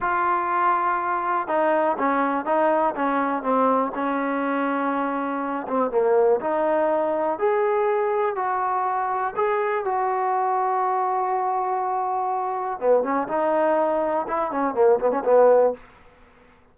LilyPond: \new Staff \with { instrumentName = "trombone" } { \time 4/4 \tempo 4 = 122 f'2. dis'4 | cis'4 dis'4 cis'4 c'4 | cis'2.~ cis'8 c'8 | ais4 dis'2 gis'4~ |
gis'4 fis'2 gis'4 | fis'1~ | fis'2 b8 cis'8 dis'4~ | dis'4 e'8 cis'8 ais8 b16 cis'16 b4 | }